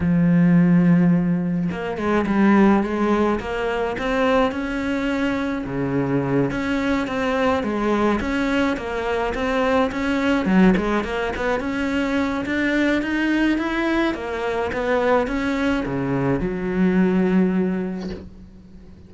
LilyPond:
\new Staff \with { instrumentName = "cello" } { \time 4/4 \tempo 4 = 106 f2. ais8 gis8 | g4 gis4 ais4 c'4 | cis'2 cis4. cis'8~ | cis'8 c'4 gis4 cis'4 ais8~ |
ais8 c'4 cis'4 fis8 gis8 ais8 | b8 cis'4. d'4 dis'4 | e'4 ais4 b4 cis'4 | cis4 fis2. | }